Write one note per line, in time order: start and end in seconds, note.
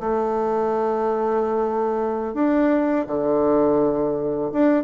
0.00 2.34 A3
2.34 3.06 D4
3.07 4.51 D3
4.53 4.84 D4